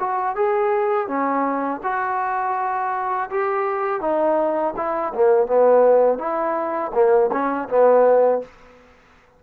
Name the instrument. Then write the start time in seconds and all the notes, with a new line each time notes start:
trombone
0.00 F#4
0.36 G#4
1.08 C#4
1.84 F#4
3.31 G4
4.01 D#4
4.77 E4
5.15 A#3
5.47 B3
6.19 E4
6.94 A#3
7.32 C#4
7.69 B3